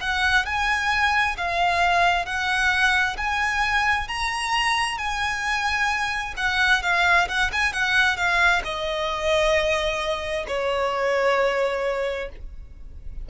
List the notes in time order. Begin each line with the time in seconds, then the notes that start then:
0.00 F#5
0.45 G#5
1.37 F5
2.25 F#5
3.17 G#5
4.08 A#5
4.98 G#5
6.37 F#5
6.82 F5
7.28 F#5
7.52 G#5
7.73 F#5
8.17 F5
8.64 D#5
10.48 C#5